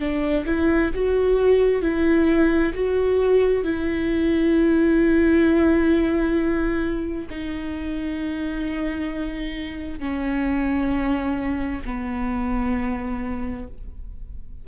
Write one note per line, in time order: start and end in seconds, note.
0.00 0.45 D4
0.46 0.92 E4
0.95 1.82 F#4
1.82 2.73 E4
2.74 3.64 F#4
3.64 7.28 E4
7.30 10.00 D#4
10.00 11.82 C#4
11.86 13.68 B3